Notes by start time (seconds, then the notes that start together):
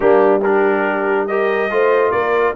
0.00 G3 A#3 D4 G4
0.42 D4 G4 A#4
1.27 G4 A#4 D#5
1.70 A3 F4 C5
2.11 A#3 A#4 D5